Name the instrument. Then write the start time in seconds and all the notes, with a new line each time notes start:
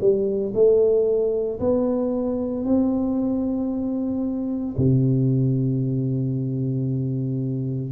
tuba
0.00 G3
0.54 A3
1.59 B3
2.65 C4
4.77 C3